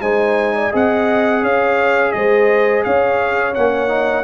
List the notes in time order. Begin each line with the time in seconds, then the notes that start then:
0.00 G#3 D#4 C5 G#5
0.55 D5
0.71 C4 G#4 D#5 F#5
1.42 C#4 C#5 F5
2.12 G#3 C5 D#5
2.84 C#4 C#5 F5
3.54 A#3 C#4 F#5
3.88 D#4